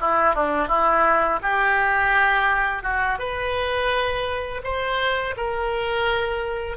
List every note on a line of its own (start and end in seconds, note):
0.00 0.34 E4
0.34 0.68 D4
0.68 1.39 E4
1.42 2.82 G4
2.82 3.18 F#4
3.19 4.61 B4
4.63 5.34 C5
5.36 6.77 A#4